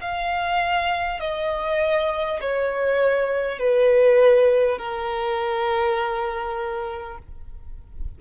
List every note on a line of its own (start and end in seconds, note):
0.00 1.20 F5
1.20 2.40 D#5
2.40 3.58 C#5
3.58 4.78 B4
4.78 7.18 A#4